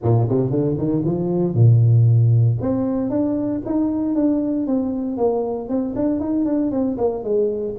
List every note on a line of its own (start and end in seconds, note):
0.02 0.28 A#2
0.28 0.50 C3
0.50 0.76 D3
0.78 1.03 D#3
1.05 1.54 F3
1.54 2.57 A#2
2.61 3.09 C4
3.09 3.61 D4
3.65 4.15 D#4
4.15 4.67 D4
4.67 5.17 C4
5.17 5.68 A#3
5.68 5.94 C4
5.95 6.20 D4
6.20 6.45 D#4
6.45 6.71 D4
6.71 6.97 C4
6.97 7.23 A#3
7.23 7.75 G#3